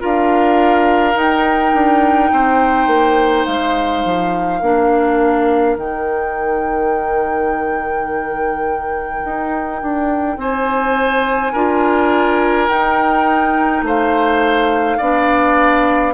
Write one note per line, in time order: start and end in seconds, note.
0.00 1.15 D4
0.00 1.14 F4
0.00 2.32 A#4
0.00 1.18 F5
1.14 4.61 D#4
1.14 1.73 D#4
1.14 3.46 G5
1.74 2.31 D4
2.32 2.87 C4
2.32 4.60 C5
2.87 3.45 A#3
3.46 4.05 G#3
3.46 5.77 F5
4.05 4.62 F3
4.60 5.77 A#3
4.60 5.78 D4
4.60 10.37 A#4
5.77 9.23 D#3
5.77 11.55 D#4
5.77 10.40 G5
9.25 9.82 D#4
9.82 10.37 D4
10.37 11.53 C4
10.37 11.53 C5
10.37 12.69 G#5
11.53 12.69 D4
11.53 12.69 F4
11.53 13.83 A#4
12.69 15.00 D#4
12.69 13.83 D#4
12.69 13.84 G5
13.83 14.98 A3
13.83 14.98 C5
13.83 16.14 F5
14.98 16.14 B3
14.98 16.14 D4
14.98 16.13 D5